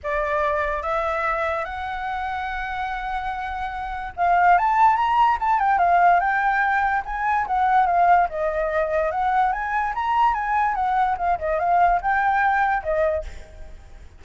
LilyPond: \new Staff \with { instrumentName = "flute" } { \time 4/4 \tempo 4 = 145 d''2 e''2 | fis''1~ | fis''2 f''4 a''4 | ais''4 a''8 g''8 f''4 g''4~ |
g''4 gis''4 fis''4 f''4 | dis''2 fis''4 gis''4 | ais''4 gis''4 fis''4 f''8 dis''8 | f''4 g''2 dis''4 | }